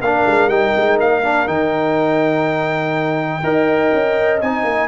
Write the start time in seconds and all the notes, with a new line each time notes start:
0.00 A#3 D4 A#4 F5
0.26 G#3
0.47 G3 D#4 G5
0.76 G#3
1.00 A#3 F5
1.23 D4
1.47 D#3 D#4 G5
3.43 D#4 A#4 D#5
3.93 C#4
4.41 C4 D#4 G#5
4.64 A#3